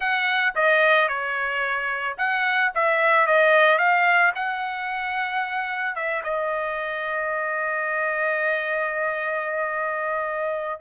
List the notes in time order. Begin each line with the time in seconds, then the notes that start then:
0.00 F#5
0.55 D#5
1.08 C#5
2.17 F#5
2.74 E5
3.26 D#5
3.78 F5
4.35 F#5
5.95 E5
6.23 D#5